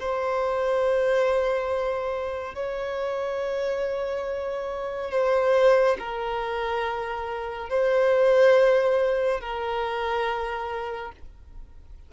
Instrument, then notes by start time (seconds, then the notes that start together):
violin
0.00 C5
2.55 C#5
5.11 C5
5.99 A#4
7.69 C5
9.41 A#4